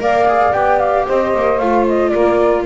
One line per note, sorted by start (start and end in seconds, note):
0.00 0.53 A#3
0.00 0.27 A#4
0.00 1.07 D5
0.00 0.53 F5
0.28 0.54 G#4
0.53 1.07 B3
0.53 1.60 G4
0.53 0.79 G5
0.79 1.06 F5
1.07 1.36 C4
1.07 2.13 C5
1.07 1.59 D#5
1.36 1.60 A#3
1.59 2.13 A3
1.59 2.66 F4
1.59 1.86 F5
1.88 2.10 D#5
2.10 2.66 A#3
2.10 2.66 A#4
2.10 2.63 D5